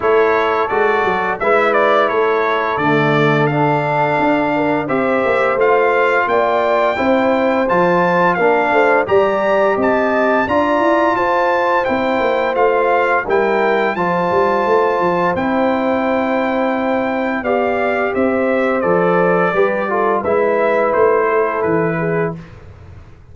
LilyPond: <<
  \new Staff \with { instrumentName = "trumpet" } { \time 4/4 \tempo 4 = 86 cis''4 d''4 e''8 d''8 cis''4 | d''4 f''2 e''4 | f''4 g''2 a''4 | f''4 ais''4 a''4 ais''4 |
a''4 g''4 f''4 g''4 | a''2 g''2~ | g''4 f''4 e''4 d''4~ | d''4 e''4 c''4 b'4 | }
  \new Staff \with { instrumentName = "horn" } { \time 4/4 a'2 b'4 a'4~ | a'2~ a'8 ais'8 c''4~ | c''4 d''4 c''2 | ais'8 c''8 d''4 dis''4 d''4 |
c''2. ais'4 | c''1~ | c''4 d''4 c''2 | b'8 a'8 b'4. a'4 gis'8 | }
  \new Staff \with { instrumentName = "trombone" } { \time 4/4 e'4 fis'4 e'2 | a4 d'2 g'4 | f'2 e'4 f'4 | d'4 g'2 f'4~ |
f'4 e'4 f'4 e'4 | f'2 e'2~ | e'4 g'2 a'4 | g'8 f'8 e'2. | }
  \new Staff \with { instrumentName = "tuba" } { \time 4/4 a4 gis8 fis8 gis4 a4 | d2 d'4 c'8 ais8 | a4 ais4 c'4 f4 | ais8 a8 g4 c'4 d'8 e'8 |
f'4 c'8 ais8 a4 g4 | f8 g8 a8 f8 c'2~ | c'4 b4 c'4 f4 | g4 gis4 a4 e4 | }
>>